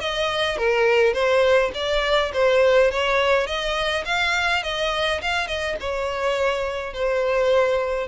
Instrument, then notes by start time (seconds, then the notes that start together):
violin
0.00 D#5
0.57 A#4
1.13 C5
1.74 D5
2.33 C5
2.91 C#5
3.46 D#5
4.05 F5
4.63 D#5
5.21 F5
5.47 D#5
5.80 C#5
6.93 C5